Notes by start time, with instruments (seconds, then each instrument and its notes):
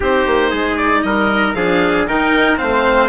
0.00 bassoon C4, cello D#4, trumpet G4, oboe C5
0.26 bassoon A#3
0.50 bassoon G#3, trumpet G#4
0.77 oboe D5
1.02 bassoon G3, trumpet A#4, oboe D#5
1.54 bassoon F3, cello D4, trumpet G#4, oboe F5
2.07 bassoon D#3, cello D#4, trumpet A#4, oboe G5
2.57 bassoon A3, cello C4, trumpet C5, oboe F5